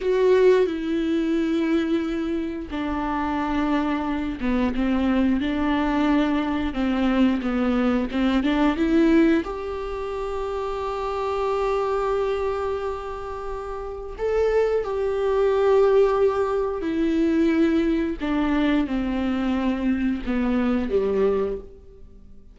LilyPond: \new Staff \with { instrumentName = "viola" } { \time 4/4 \tempo 4 = 89 fis'4 e'2. | d'2~ d'8 b8 c'4 | d'2 c'4 b4 | c'8 d'8 e'4 g'2~ |
g'1~ | g'4 a'4 g'2~ | g'4 e'2 d'4 | c'2 b4 g4 | }